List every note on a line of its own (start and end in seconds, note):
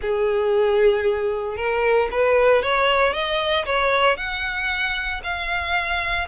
0.01 1.56 G#4
1.56 2.08 A#4
2.11 2.62 B4
2.62 3.13 C#5
3.13 3.65 D#5
3.65 4.16 C#5
4.16 5.21 F#5
5.23 6.28 F5